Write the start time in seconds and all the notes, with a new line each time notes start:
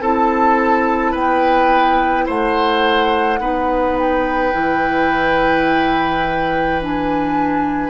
0.00 C4 E4 A4 A5
1.11 B3 B4 G5
2.26 A3 C5 F#5
3.39 B3 D#4 B4
3.98 G5
4.52 E3 E4
6.80 D4 G#5